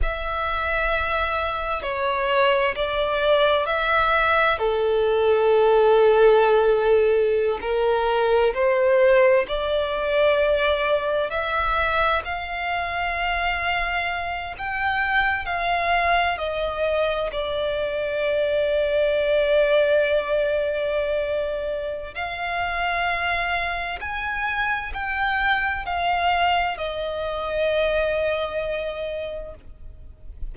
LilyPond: \new Staff \with { instrumentName = "violin" } { \time 4/4 \tempo 4 = 65 e''2 cis''4 d''4 | e''4 a'2.~ | a'16 ais'4 c''4 d''4.~ d''16~ | d''16 e''4 f''2~ f''8 g''16~ |
g''8. f''4 dis''4 d''4~ d''16~ | d''1 | f''2 gis''4 g''4 | f''4 dis''2. | }